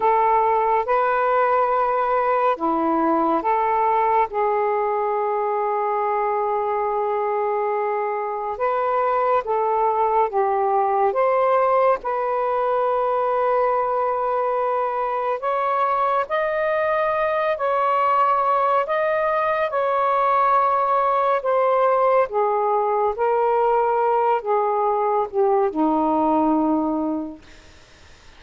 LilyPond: \new Staff \with { instrumentName = "saxophone" } { \time 4/4 \tempo 4 = 70 a'4 b'2 e'4 | a'4 gis'2.~ | gis'2 b'4 a'4 | g'4 c''4 b'2~ |
b'2 cis''4 dis''4~ | dis''8 cis''4. dis''4 cis''4~ | cis''4 c''4 gis'4 ais'4~ | ais'8 gis'4 g'8 dis'2 | }